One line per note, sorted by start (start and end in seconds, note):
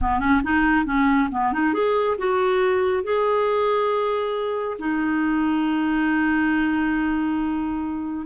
0.01 0.19 B3
0.19 0.41 C#4
0.43 0.85 D#4
0.85 1.29 C#4
1.31 1.52 B3
1.52 1.73 D#4
1.73 2.17 G#4
2.18 3.03 F#4
3.03 4.77 G#4
4.78 8.26 D#4